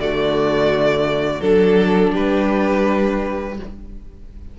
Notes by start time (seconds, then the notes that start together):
0.00 D3 A3 F#4 D5
1.41 F#3 D4 A4
2.12 G3 G4 B4